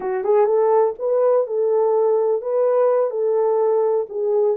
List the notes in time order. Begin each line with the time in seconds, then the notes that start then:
0.00 F#4
0.24 G#4
0.46 A4
0.98 B4
1.46 A4
2.41 B4
3.10 A4
4.09 G#4